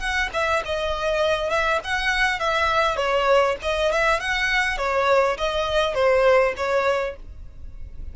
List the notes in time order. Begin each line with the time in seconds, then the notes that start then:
0.00 F#5
0.34 E5
0.66 D#5
1.50 E5
1.84 F#5
2.40 E5
2.97 C#5
3.63 D#5
3.92 E5
4.20 F#5
4.78 C#5
5.38 D#5
5.95 C5
6.57 C#5